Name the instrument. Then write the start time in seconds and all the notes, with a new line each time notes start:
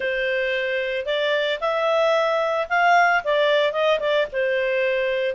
clarinet
0.00 C5
1.05 D5
1.60 E5
2.69 F5
3.23 D5
3.72 D#5
3.99 D5
4.32 C5